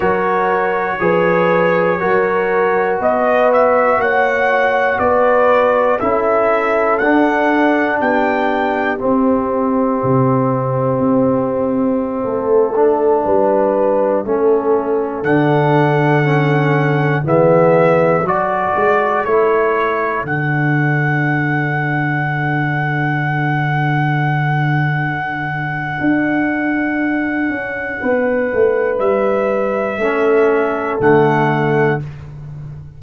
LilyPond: <<
  \new Staff \with { instrumentName = "trumpet" } { \time 4/4 \tempo 4 = 60 cis''2. dis''8 e''8 | fis''4 d''4 e''4 fis''4 | g''4 e''2.~ | e''2.~ e''16 fis''8.~ |
fis''4~ fis''16 e''4 d''4 cis''8.~ | cis''16 fis''2.~ fis''8.~ | fis''1~ | fis''4 e''2 fis''4 | }
  \new Staff \with { instrumentName = "horn" } { \time 4/4 ais'4 b'4 ais'4 b'4 | cis''4 b'4 a'2 | g'1~ | g'16 a'4 b'4 a'4.~ a'16~ |
a'4~ a'16 gis'4 a'4.~ a'16~ | a'1~ | a'1 | b'2 a'2 | }
  \new Staff \with { instrumentName = "trombone" } { \time 4/4 fis'4 gis'4 fis'2~ | fis'2 e'4 d'4~ | d'4 c'2.~ | c'8. d'4. cis'4 d'8.~ |
d'16 cis'4 b4 fis'4 e'8.~ | e'16 d'2.~ d'8.~ | d'1~ | d'2 cis'4 a4 | }
  \new Staff \with { instrumentName = "tuba" } { \time 4/4 fis4 f4 fis4 b4 | ais4 b4 cis'4 d'4 | b4 c'4 c4 c'4~ | c'16 a4 g4 a4 d8.~ |
d4~ d16 e4 fis8 gis8 a8.~ | a16 d2.~ d8.~ | d2 d'4. cis'8 | b8 a8 g4 a4 d4 | }
>>